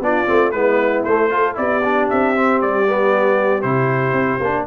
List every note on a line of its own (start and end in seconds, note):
0.00 0.26 B3
0.00 0.26 D4
0.00 0.52 F4
0.00 0.51 D5
0.26 0.54 A3
0.26 0.52 C4
0.51 1.05 G#3
0.51 1.07 B3
0.51 1.30 E4
0.51 1.03 B4
1.04 1.57 A3
1.04 1.30 A3
1.04 1.56 C5
1.30 1.55 F4
1.30 1.56 A4
1.55 2.09 B3
1.55 1.80 E4
1.55 4.66 G4
1.55 2.09 D5
1.84 2.35 D4
2.10 2.62 C4
2.10 2.61 E5
2.35 2.87 C4
2.61 3.64 G3
2.61 3.62 D5
2.88 3.62 B3
3.62 4.12 C3
3.62 4.40 E4
3.62 4.65 C5
4.12 4.38 C4
4.40 4.66 A#3
4.40 4.66 D4